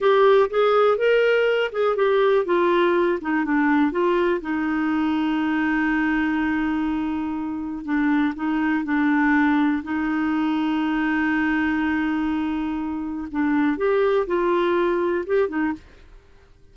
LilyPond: \new Staff \with { instrumentName = "clarinet" } { \time 4/4 \tempo 4 = 122 g'4 gis'4 ais'4. gis'8 | g'4 f'4. dis'8 d'4 | f'4 dis'2.~ | dis'1 |
d'4 dis'4 d'2 | dis'1~ | dis'2. d'4 | g'4 f'2 g'8 dis'8 | }